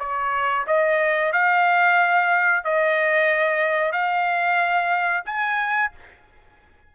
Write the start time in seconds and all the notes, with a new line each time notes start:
0.00 C#5
0.67 D#5
1.33 F5
2.65 D#5
3.93 F5
5.26 G#5